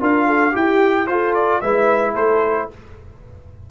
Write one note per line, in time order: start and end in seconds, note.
0.00 0.54 D4
0.00 0.52 F4
0.00 0.26 A#4
0.00 0.56 F5
0.26 0.53 A4
0.52 1.08 E4
0.52 1.05 G4
0.52 1.06 G4
0.52 1.07 G5
1.07 1.61 F4
1.07 1.63 F4
1.07 1.62 A4
1.07 1.34 C5
1.34 1.60 D5
1.60 2.14 G#3
1.60 2.70 E4
1.60 2.14 B4
1.60 2.14 E5
2.14 2.68 A3
2.14 2.67 A4
2.14 2.69 C5